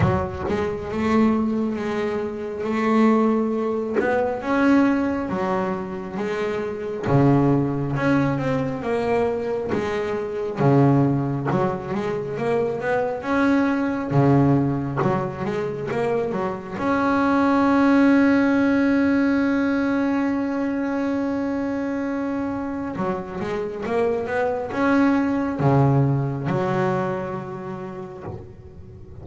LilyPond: \new Staff \with { instrumentName = "double bass" } { \time 4/4 \tempo 4 = 68 fis8 gis8 a4 gis4 a4~ | a8 b8 cis'4 fis4 gis4 | cis4 cis'8 c'8 ais4 gis4 | cis4 fis8 gis8 ais8 b8 cis'4 |
cis4 fis8 gis8 ais8 fis8 cis'4~ | cis'1~ | cis'2 fis8 gis8 ais8 b8 | cis'4 cis4 fis2 | }